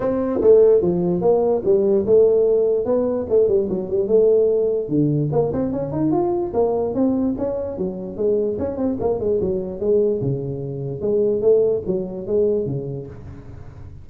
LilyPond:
\new Staff \with { instrumentName = "tuba" } { \time 4/4 \tempo 4 = 147 c'4 a4 f4 ais4 | g4 a2 b4 | a8 g8 fis8 g8 a2 | d4 ais8 c'8 cis'8 dis'8 f'4 |
ais4 c'4 cis'4 fis4 | gis4 cis'8 c'8 ais8 gis8 fis4 | gis4 cis2 gis4 | a4 fis4 gis4 cis4 | }